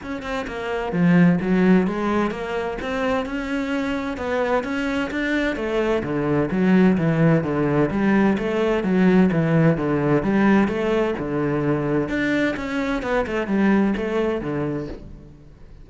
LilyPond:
\new Staff \with { instrumentName = "cello" } { \time 4/4 \tempo 4 = 129 cis'8 c'8 ais4 f4 fis4 | gis4 ais4 c'4 cis'4~ | cis'4 b4 cis'4 d'4 | a4 d4 fis4 e4 |
d4 g4 a4 fis4 | e4 d4 g4 a4 | d2 d'4 cis'4 | b8 a8 g4 a4 d4 | }